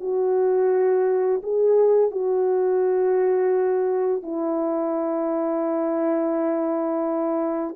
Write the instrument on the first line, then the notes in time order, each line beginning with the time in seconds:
horn
0.00 F#4
1.43 G#4
2.11 F#4
4.23 E4